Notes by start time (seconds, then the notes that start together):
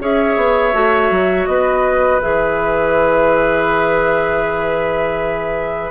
0.00 C#4 G#4 C#5 E5
0.36 B3
0.73 A3 F#4
1.10 F#3
1.46 B3 B4 D#5
2.22 E3 G#4 E5